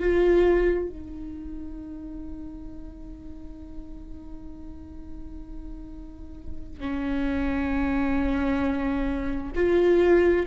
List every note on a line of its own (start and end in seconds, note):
0.00 0.89 F4
0.89 6.80 D#4
6.80 9.53 C#4
9.56 10.47 F4